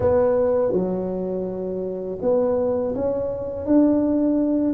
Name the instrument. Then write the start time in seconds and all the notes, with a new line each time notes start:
tuba
0.00 B3
0.72 F#3
2.21 B3
2.95 C#4
3.66 D4